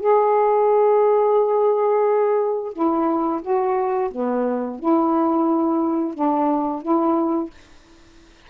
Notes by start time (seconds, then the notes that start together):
0.00 G#4
2.73 E4
3.42 F#4
4.11 B3
4.79 E4
6.14 D4
6.82 E4